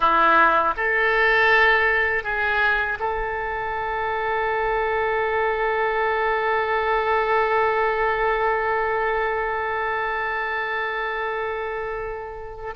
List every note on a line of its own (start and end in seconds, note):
0.00 0.74 E4
0.76 2.23 A4
2.23 2.98 G#4
2.99 12.74 A4